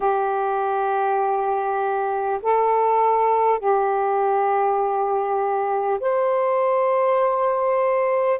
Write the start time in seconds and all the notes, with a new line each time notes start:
0.00 G4
2.42 A4
3.59 G4
5.99 C5